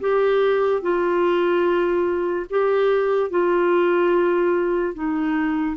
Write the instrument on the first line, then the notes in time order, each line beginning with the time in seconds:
clarinet
0.00 G4
0.82 F4
2.50 G4
3.30 F4
4.94 D#4